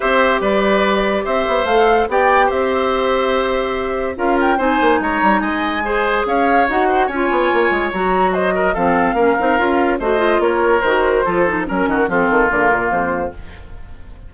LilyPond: <<
  \new Staff \with { instrumentName = "flute" } { \time 4/4 \tempo 4 = 144 e''4 d''2 e''4 | f''4 g''4 e''2~ | e''2 f''8 g''8 gis''4 | ais''4 gis''2 f''4 |
fis''4 gis''2 ais''4 | dis''4 f''2. | dis''4 cis''4 c''2 | ais'4 a'4 ais'4 c''4 | }
  \new Staff \with { instrumentName = "oboe" } { \time 4/4 c''4 b'2 c''4~ | c''4 d''4 c''2~ | c''2 ais'4 c''4 | cis''4 dis''4 c''4 cis''4~ |
cis''8 c''8 cis''2. | c''8 ais'8 a'4 ais'2 | c''4 ais'2 a'4 | ais'8 fis'8 f'2. | }
  \new Staff \with { instrumentName = "clarinet" } { \time 4/4 g'1 | a'4 g'2.~ | g'2 f'4 dis'4~ | dis'2 gis'2 |
fis'4 f'2 fis'4~ | fis'4 c'4 cis'8 dis'8 f'4 | fis'8 f'4. fis'4 f'8 dis'8 | cis'4 c'4 ais2 | }
  \new Staff \with { instrumentName = "bassoon" } { \time 4/4 c'4 g2 c'8 b8 | a4 b4 c'2~ | c'2 cis'4 c'8 ais8 | gis8 g8 gis2 cis'4 |
dis'4 cis'8 b8 ais8 gis8 fis4~ | fis4 f4 ais8 c'8 cis'4 | a4 ais4 dis4 f4 | fis8 dis8 f8 dis8 d8 ais,8 f,4 | }
>>